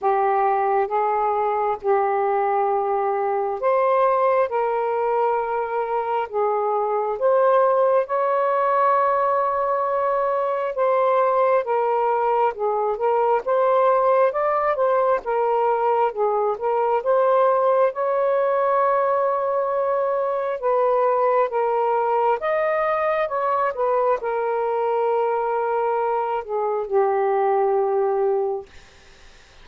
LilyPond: \new Staff \with { instrumentName = "saxophone" } { \time 4/4 \tempo 4 = 67 g'4 gis'4 g'2 | c''4 ais'2 gis'4 | c''4 cis''2. | c''4 ais'4 gis'8 ais'8 c''4 |
d''8 c''8 ais'4 gis'8 ais'8 c''4 | cis''2. b'4 | ais'4 dis''4 cis''8 b'8 ais'4~ | ais'4. gis'8 g'2 | }